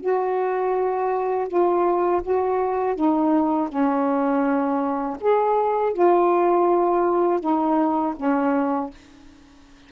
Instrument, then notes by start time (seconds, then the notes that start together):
saxophone
0.00 F#4
1.47 F4
2.23 F#4
2.95 D#4
3.69 C#4
5.21 G#4
5.93 F4
7.40 D#4
8.16 C#4